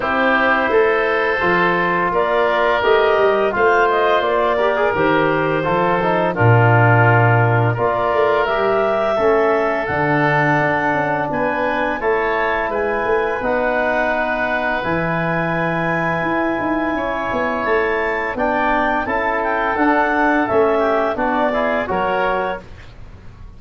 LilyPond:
<<
  \new Staff \with { instrumentName = "clarinet" } { \time 4/4 \tempo 4 = 85 c''2. d''4 | dis''4 f''8 dis''8 d''4 c''4~ | c''4 ais'2 d''4 | e''2 fis''2 |
gis''4 a''4 gis''4 fis''4~ | fis''4 gis''2.~ | gis''4 a''4 g''4 a''8 g''8 | fis''4 e''4 d''4 cis''4 | }
  \new Staff \with { instrumentName = "oboe" } { \time 4/4 g'4 a'2 ais'4~ | ais'4 c''4. ais'4. | a'4 f'2 ais'4~ | ais'4 a'2. |
b'4 cis''4 b'2~ | b'1 | cis''2 d''4 a'4~ | a'4. g'8 fis'8 gis'8 ais'4 | }
  \new Staff \with { instrumentName = "trombone" } { \time 4/4 e'2 f'2 | g'4 f'4. g'16 gis'16 g'4 | f'8 dis'8 d'2 f'4 | g'4 cis'4 d'2~ |
d'4 e'2 dis'4~ | dis'4 e'2.~ | e'2 d'4 e'4 | d'4 cis'4 d'8 e'8 fis'4 | }
  \new Staff \with { instrumentName = "tuba" } { \time 4/4 c'4 a4 f4 ais4 | a8 g8 a4 ais4 dis4 | f4 ais,2 ais8 a8 | g4 a4 d4 d'8 cis'8 |
b4 a4 gis8 a8 b4~ | b4 e2 e'8 dis'8 | cis'8 b8 a4 b4 cis'4 | d'4 a4 b4 fis4 | }
>>